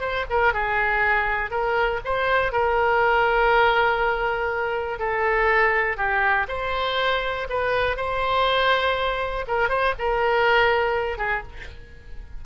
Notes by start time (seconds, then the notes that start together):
0.00 C5
0.30 A#4
0.53 G#4
1.51 A#4
2.05 C5
2.52 A#4
4.99 A4
5.97 G4
6.48 C5
7.49 B4
7.96 C5
9.47 A#4
9.69 C5
9.98 A#4
11.18 G#4